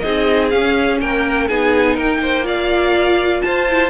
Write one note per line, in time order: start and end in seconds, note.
0.00 0.53 C4
0.00 0.52 D#4
0.00 1.01 G#4
0.00 0.48 D#5
0.50 1.49 C#4
0.50 1.01 C#4
0.50 0.98 F5
1.01 1.50 A#3
1.01 1.48 A#4
1.01 1.48 G5
1.48 1.97 B3
1.48 2.43 D#4
1.48 1.94 G#4
1.48 1.96 G#5
1.94 3.42 A#3
1.94 2.18 A#4
1.94 2.47 G5
2.22 2.45 C5
2.43 3.64 F4
2.43 3.42 D5
2.43 3.41 F5
3.41 3.90 F4
3.41 3.90 C5
3.41 3.90 A5
3.69 3.90 E4